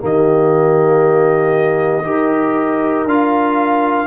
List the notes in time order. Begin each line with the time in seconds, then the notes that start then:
0.00 D#3 A#3 G4 D#5
2.04 D#4 G4 A#4
3.05 D4 F4 F5